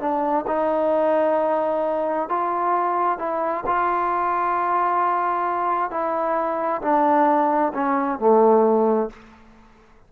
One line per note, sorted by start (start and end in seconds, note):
0.00 0.45 D4
0.48 2.29 D#4
2.30 3.19 F4
3.19 3.65 E4
3.67 5.91 F4
5.91 6.82 E4
6.82 7.73 D4
7.74 8.19 C#4
8.19 9.10 A3